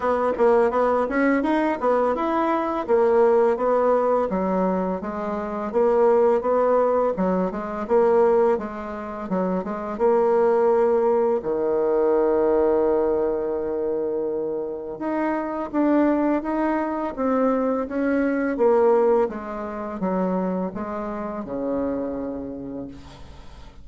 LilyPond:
\new Staff \with { instrumentName = "bassoon" } { \time 4/4 \tempo 4 = 84 b8 ais8 b8 cis'8 dis'8 b8 e'4 | ais4 b4 fis4 gis4 | ais4 b4 fis8 gis8 ais4 | gis4 fis8 gis8 ais2 |
dis1~ | dis4 dis'4 d'4 dis'4 | c'4 cis'4 ais4 gis4 | fis4 gis4 cis2 | }